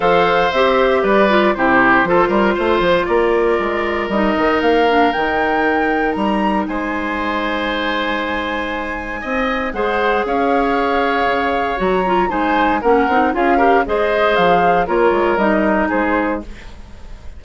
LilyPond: <<
  \new Staff \with { instrumentName = "flute" } { \time 4/4 \tempo 4 = 117 f''4 e''4 d''4 c''4~ | c''2 d''2 | dis''4 f''4 g''2 | ais''4 gis''2.~ |
gis''2. fis''4 | f''2. ais''4 | gis''4 fis''4 f''4 dis''4 | f''4 cis''4 dis''4 c''4 | }
  \new Staff \with { instrumentName = "oboe" } { \time 4/4 c''2 b'4 g'4 | a'8 ais'8 c''4 ais'2~ | ais'1~ | ais'4 c''2.~ |
c''2 dis''4 c''4 | cis''1 | c''4 ais'4 gis'8 ais'8 c''4~ | c''4 ais'2 gis'4 | }
  \new Staff \with { instrumentName = "clarinet" } { \time 4/4 a'4 g'4. f'8 e'4 | f'1 | dis'4. d'8 dis'2~ | dis'1~ |
dis'2. gis'4~ | gis'2. fis'8 f'8 | dis'4 cis'8 dis'8 f'8 g'8 gis'4~ | gis'4 f'4 dis'2 | }
  \new Staff \with { instrumentName = "bassoon" } { \time 4/4 f4 c'4 g4 c4 | f8 g8 a8 f8 ais4 gis4 | g8 dis8 ais4 dis2 | g4 gis2.~ |
gis2 c'4 gis4 | cis'2 cis4 fis4 | gis4 ais8 c'8 cis'4 gis4 | f4 ais8 gis8 g4 gis4 | }
>>